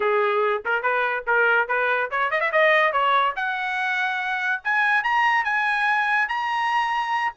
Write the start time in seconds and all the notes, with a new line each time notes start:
0.00 G#4
0.65 A#4
0.82 B4
1.26 A#4
1.68 B4
2.11 C#5
2.30 D#5
2.40 E5
2.52 D#5
2.92 C#5
3.36 F#5
4.63 G#5
5.03 A#5
5.44 G#5
6.28 A#5